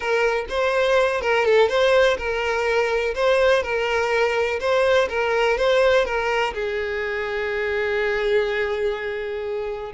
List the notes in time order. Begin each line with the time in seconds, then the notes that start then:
0.00 A#4
0.49 C5
1.21 A#4
1.45 A4
1.68 C5
2.17 A#4
3.15 C5
3.62 A#4
4.60 C5
5.09 A#4
5.57 C5
6.05 A#4
6.53 G#4